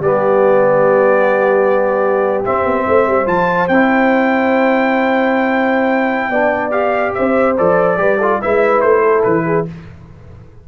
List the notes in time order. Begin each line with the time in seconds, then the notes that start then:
0.00 G3 B3 G4 D5
2.45 C4 E5
2.65 B3
2.87 A3 C5
3.07 G3
3.26 F3 F4 A5
3.68 C4 E4 G5
6.30 B3 D4 D5
6.71 G4 F5
7.15 C4 C5 E5
7.58 F3 A4 D5
7.97 G3 G4 B4
8.19 F4 A4
8.41 G#3 E4 B4 E5
8.81 A3 C5
9.03 A4
9.24 E3 B4
9.46 G#4